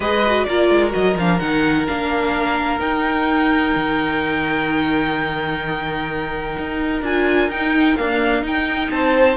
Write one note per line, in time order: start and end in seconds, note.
0.00 0.46 G#3
0.00 0.23 G#4
0.00 0.46 B4
0.00 0.44 D#5
0.25 0.47 F#4
0.44 0.70 A#3
0.44 0.90 F4
0.44 8.92 A#4
0.44 0.90 D5
0.70 0.93 G#3
0.90 1.15 F#3
0.90 1.13 F#4
0.90 1.16 D#5
1.15 1.39 F3
1.15 1.40 D4
1.15 1.39 F5
1.39 1.87 D#3
1.39 1.87 D#4
1.39 1.86 F#5
1.87 2.79 A#3
1.87 2.79 D4
1.87 2.79 F5
2.79 7.01 D#4
2.79 3.73 D#4
2.79 7.01 G5
3.75 6.56 D#3
6.58 7.01 D#4
7.01 7.48 D4
7.01 7.50 F4
7.01 7.51 G#5
7.48 7.94 D#4
7.48 7.97 D#4
7.48 7.96 G5
7.96 8.42 A#3
7.96 8.42 D4
7.96 8.43 F5
8.42 9.35 D#4
8.42 8.89 D#4
8.42 8.90 G5
8.90 9.37 C4
8.90 9.37 C5
8.90 9.37 A5